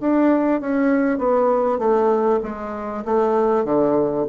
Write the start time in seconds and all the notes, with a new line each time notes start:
0.00 D4
0.60 C#4
1.18 B3
1.78 A3
2.43 G#3
3.05 A3
3.64 D3